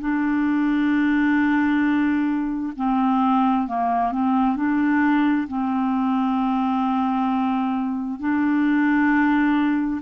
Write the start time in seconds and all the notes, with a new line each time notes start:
0.00 D4
2.76 C4
3.67 A#3
4.12 C4
4.56 D4
5.48 C4
8.19 D4